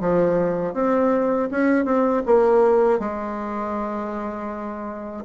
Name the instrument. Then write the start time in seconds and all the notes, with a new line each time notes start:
bassoon
0.00 F3
0.74 C4
1.51 C#4
1.85 C4
2.26 A#3
2.99 G#3